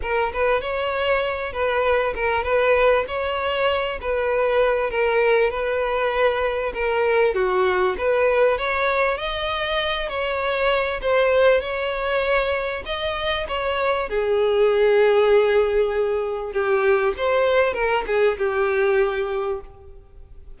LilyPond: \new Staff \with { instrumentName = "violin" } { \time 4/4 \tempo 4 = 98 ais'8 b'8 cis''4. b'4 ais'8 | b'4 cis''4. b'4. | ais'4 b'2 ais'4 | fis'4 b'4 cis''4 dis''4~ |
dis''8 cis''4. c''4 cis''4~ | cis''4 dis''4 cis''4 gis'4~ | gis'2. g'4 | c''4 ais'8 gis'8 g'2 | }